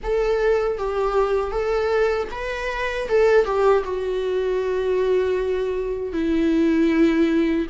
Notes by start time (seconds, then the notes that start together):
0.03 A4
0.78 G4
1.51 A4
2.31 B4
3.08 A4
3.45 G4
3.84 F#4
6.13 E4